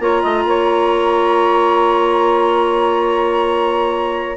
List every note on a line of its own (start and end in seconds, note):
0.00 0.23 A#3
0.00 4.37 F4
0.00 0.23 C#5
0.00 4.37 A#5
0.23 0.45 A3
0.23 0.46 D#5
0.45 4.37 A#3
0.45 4.37 C#5